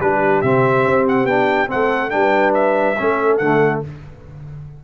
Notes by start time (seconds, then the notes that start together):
0.00 G3 D4 G4 B4
0.41 C3 C4 E5
0.85 C4
1.08 F#5
1.24 B3 D4 G5
1.67 A3 C4 A4 F#5
2.10 G3 D4 B4 G5
2.54 E5
2.98 A3 C#4 A4
3.37 D3 A3 F#5